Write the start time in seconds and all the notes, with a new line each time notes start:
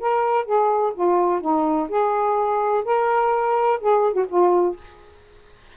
0.00 A#4
0.45 G#4
0.94 F4
1.41 D#4
1.89 G#4
2.85 A#4
3.80 G#4
4.13 F#4
4.29 F4